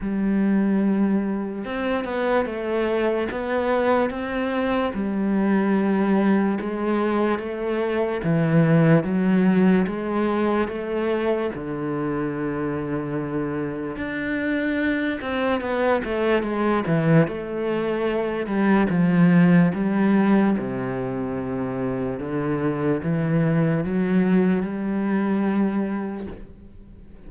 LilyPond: \new Staff \with { instrumentName = "cello" } { \time 4/4 \tempo 4 = 73 g2 c'8 b8 a4 | b4 c'4 g2 | gis4 a4 e4 fis4 | gis4 a4 d2~ |
d4 d'4. c'8 b8 a8 | gis8 e8 a4. g8 f4 | g4 c2 d4 | e4 fis4 g2 | }